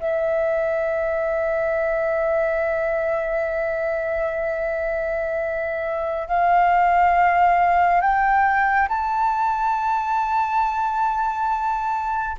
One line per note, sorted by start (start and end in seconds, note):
0.00 6.28 E5
6.28 8.01 F5
8.01 8.88 G5
8.89 12.37 A5